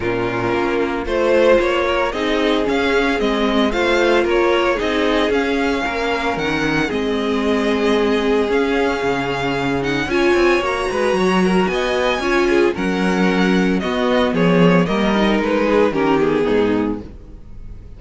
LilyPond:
<<
  \new Staff \with { instrumentName = "violin" } { \time 4/4 \tempo 4 = 113 ais'2 c''4 cis''4 | dis''4 f''4 dis''4 f''4 | cis''4 dis''4 f''2 | fis''4 dis''2. |
f''2~ f''8 fis''8 gis''4 | ais''2 gis''2 | fis''2 dis''4 cis''4 | dis''4 b'4 ais'8 gis'4. | }
  \new Staff \with { instrumentName = "violin" } { \time 4/4 f'2 c''4. ais'8 | gis'2. c''4 | ais'4 gis'2 ais'4~ | ais'4 gis'2.~ |
gis'2. cis''4~ | cis''8 b'8 cis''8 ais'8 dis''4 cis''8 gis'8 | ais'2 fis'4 gis'4 | ais'4. gis'8 g'4 dis'4 | }
  \new Staff \with { instrumentName = "viola" } { \time 4/4 cis'2 f'2 | dis'4 cis'4 c'4 f'4~ | f'4 dis'4 cis'2~ | cis'4 c'2. |
cis'2~ cis'8 dis'8 f'4 | fis'2. f'4 | cis'2 b2 | ais8 dis'4. cis'8 b4. | }
  \new Staff \with { instrumentName = "cello" } { \time 4/4 ais,4 ais4 a4 ais4 | c'4 cis'4 gis4 a4 | ais4 c'4 cis'4 ais4 | dis4 gis2. |
cis'4 cis2 cis'8 c'8 | ais8 gis8 fis4 b4 cis'4 | fis2 b4 f4 | g4 gis4 dis4 gis,4 | }
>>